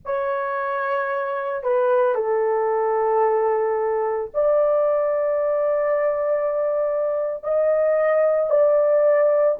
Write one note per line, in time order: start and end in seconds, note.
0.05 1.63 C#5
1.63 2.14 B4
2.14 4.30 A4
4.34 7.43 D5
7.43 8.49 D#5
8.49 9.57 D5